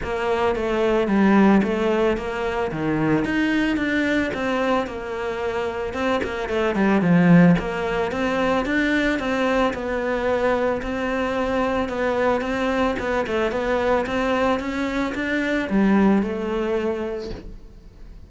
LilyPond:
\new Staff \with { instrumentName = "cello" } { \time 4/4 \tempo 4 = 111 ais4 a4 g4 a4 | ais4 dis4 dis'4 d'4 | c'4 ais2 c'8 ais8 | a8 g8 f4 ais4 c'4 |
d'4 c'4 b2 | c'2 b4 c'4 | b8 a8 b4 c'4 cis'4 | d'4 g4 a2 | }